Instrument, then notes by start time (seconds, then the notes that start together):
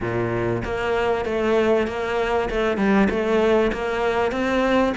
cello
0.01 A#2
0.64 A#3
1.25 A3
1.87 A#3
2.50 A3
2.77 G3
3.10 A3
3.72 A#3
4.31 C4